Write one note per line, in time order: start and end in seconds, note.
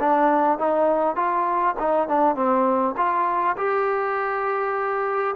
0.00 0.59 D4
0.59 1.16 D#4
1.16 1.76 F4
1.79 2.08 D#4
2.08 2.36 D4
2.36 2.95 C4
2.97 3.56 F4
3.57 5.35 G4